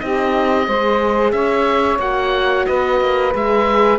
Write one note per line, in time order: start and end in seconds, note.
0.00 0.68 C4
0.00 0.67 D#4
0.00 0.67 G4
0.00 1.32 D#5
0.67 1.33 G#3
0.67 2.00 G#4
0.67 1.33 C5
1.32 1.99 C#4
1.32 2.67 C#5
1.32 1.99 E5
1.99 2.66 A#3
1.99 3.33 F#4
1.99 2.67 F#5
2.67 3.01 B3
2.67 3.99 B4
2.67 3.33 D#5
3.01 3.34 A#3
3.33 3.99 G#3
3.33 3.99 G#4
3.33 3.99 E5